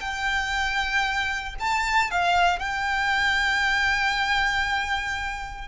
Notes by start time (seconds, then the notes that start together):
0.00 G5
1.59 A5
2.11 F5
2.59 G5